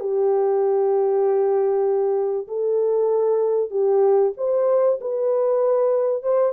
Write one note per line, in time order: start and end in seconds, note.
0.00 2.47 G4
2.48 3.71 A4
3.71 4.32 G4
4.37 4.99 C5
5.01 6.23 B4
6.23 6.53 C5